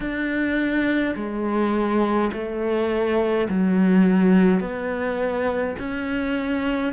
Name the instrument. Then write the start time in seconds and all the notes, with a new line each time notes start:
cello
0.00 D4
1.15 G#3
2.32 A3
3.49 F#3
4.60 B3
5.78 C#4